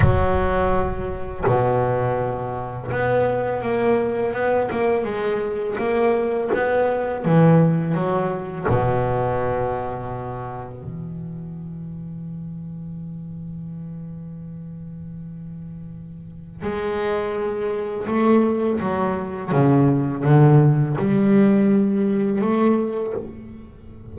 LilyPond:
\new Staff \with { instrumentName = "double bass" } { \time 4/4 \tempo 4 = 83 fis2 b,2 | b4 ais4 b8 ais8 gis4 | ais4 b4 e4 fis4 | b,2. e4~ |
e1~ | e2. gis4~ | gis4 a4 fis4 cis4 | d4 g2 a4 | }